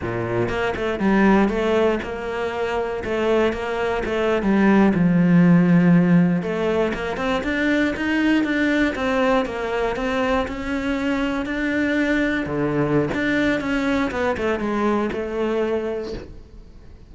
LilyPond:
\new Staff \with { instrumentName = "cello" } { \time 4/4 \tempo 4 = 119 ais,4 ais8 a8 g4 a4 | ais2 a4 ais4 | a8. g4 f2~ f16~ | f8. a4 ais8 c'8 d'4 dis'16~ |
dis'8. d'4 c'4 ais4 c'16~ | c'8. cis'2 d'4~ d'16~ | d'8. d4~ d16 d'4 cis'4 | b8 a8 gis4 a2 | }